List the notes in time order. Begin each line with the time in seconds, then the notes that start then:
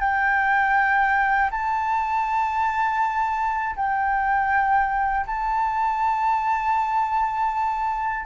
0.00 G5
1.51 A5
3.76 G5
5.26 A5